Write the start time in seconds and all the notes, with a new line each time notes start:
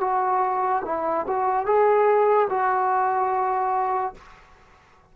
0.00 F#4
0.84 E4
1.27 F#4
1.66 G#4
2.49 F#4